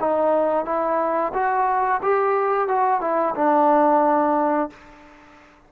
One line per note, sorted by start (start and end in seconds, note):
0.00 0.65 D#4
0.65 1.32 E4
1.33 2.01 F#4
2.02 2.68 G4
2.68 3.01 F#4
3.01 3.34 E4
3.35 4.70 D4